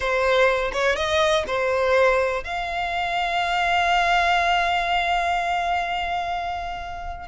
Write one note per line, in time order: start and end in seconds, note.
0.00 0.71 C5
0.72 0.96 C#5
0.96 1.44 D#5
1.47 2.43 C5
2.44 7.28 F5